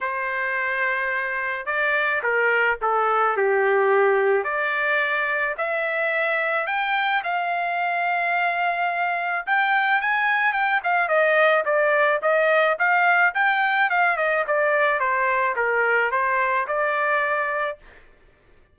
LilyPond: \new Staff \with { instrumentName = "trumpet" } { \time 4/4 \tempo 4 = 108 c''2. d''4 | ais'4 a'4 g'2 | d''2 e''2 | g''4 f''2.~ |
f''4 g''4 gis''4 g''8 f''8 | dis''4 d''4 dis''4 f''4 | g''4 f''8 dis''8 d''4 c''4 | ais'4 c''4 d''2 | }